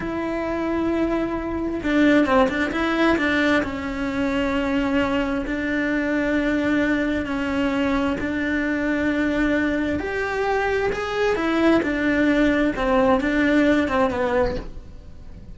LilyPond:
\new Staff \with { instrumentName = "cello" } { \time 4/4 \tempo 4 = 132 e'1 | d'4 c'8 d'8 e'4 d'4 | cis'1 | d'1 |
cis'2 d'2~ | d'2 g'2 | gis'4 e'4 d'2 | c'4 d'4. c'8 b4 | }